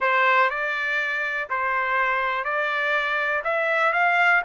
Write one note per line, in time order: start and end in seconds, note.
0.00 0.50 C5
0.50 1.48 D5
1.49 2.44 C5
2.44 3.42 D5
3.43 3.92 E5
3.92 4.42 F5